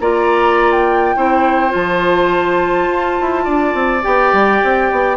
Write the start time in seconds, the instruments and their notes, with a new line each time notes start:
0.00 bassoon A#3, clarinet F4, oboe D5, flute A#5
0.72 flute G5
1.16 bassoon C4, clarinet E4, oboe C5
1.69 bassoon F3, clarinet F4, flute A5
2.88 bassoon F4
3.21 bassoon E4
3.44 bassoon D4, oboe D5
3.74 bassoon C4
4.02 bassoon B3, clarinet G4, flute G5
4.33 bassoon G3
4.64 bassoon C4
4.91 bassoon B3